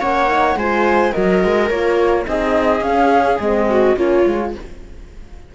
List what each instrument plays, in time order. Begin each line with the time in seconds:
0.00 cello A#3, horn C#4, viola C#5, flute F#5
0.27 horn D#4
0.55 cello G#3, horn F4, viola C5, flute G#5
1.12 cello F#3, horn F#4, viola A#4, flute D#5
1.44 cello G#3
1.69 cello A#3, horn F4, flute C#5
2.25 cello C4, horn D#4, viola G#4, flute D#5
2.81 cello C#4, horn C#4, flute F5
3.39 cello G#3, horn C4, flute D#5
3.70 viola F#4
3.96 cello A#3, horn C#4, viola F4, flute C#5
4.26 cello G#3, horn F4